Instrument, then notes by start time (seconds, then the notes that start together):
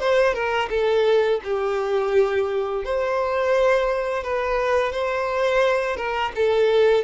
violin
0.00 C5
0.34 A#4
0.70 A4
1.44 G4
2.85 C5
4.24 B4
4.93 C5
5.97 A#4
6.36 A4